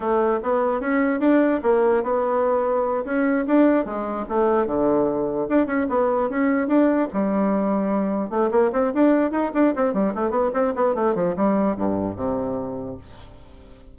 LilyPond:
\new Staff \with { instrumentName = "bassoon" } { \time 4/4 \tempo 4 = 148 a4 b4 cis'4 d'4 | ais4 b2~ b8 cis'8~ | cis'8 d'4 gis4 a4 d8~ | d4. d'8 cis'8 b4 cis'8~ |
cis'8 d'4 g2~ g8~ | g8 a8 ais8 c'8 d'4 dis'8 d'8 | c'8 g8 a8 b8 c'8 b8 a8 f8 | g4 g,4 c2 | }